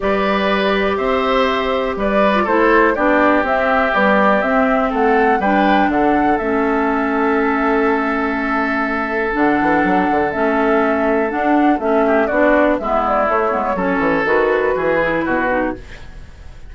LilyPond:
<<
  \new Staff \with { instrumentName = "flute" } { \time 4/4 \tempo 4 = 122 d''2 e''2 | d''4 c''4 d''4 e''4 | d''4 e''4 fis''4 g''4 | fis''4 e''2.~ |
e''2. fis''4~ | fis''4 e''2 fis''4 | e''4 d''4 e''8 d''8 cis''4~ | cis''4 b'2. | }
  \new Staff \with { instrumentName = "oboe" } { \time 4/4 b'2 c''2 | b'4 a'4 g'2~ | g'2 a'4 b'4 | a'1~ |
a'1~ | a'1~ | a'8 g'8 fis'4 e'2 | a'2 gis'4 fis'4 | }
  \new Staff \with { instrumentName = "clarinet" } { \time 4/4 g'1~ | g'8. f'16 e'4 d'4 c'4 | g4 c'2 d'4~ | d'4 cis'2.~ |
cis'2. d'4~ | d'4 cis'2 d'4 | cis'4 d'4 b4 a8 b8 | cis'4 fis'4. e'4 dis'8 | }
  \new Staff \with { instrumentName = "bassoon" } { \time 4/4 g2 c'2 | g4 a4 b4 c'4 | b4 c'4 a4 g4 | d4 a2.~ |
a2. d8 e8 | fis8 d8 a2 d'4 | a4 b4 gis4 a8 gis8 | fis8 e8 dis4 e4 b,4 | }
>>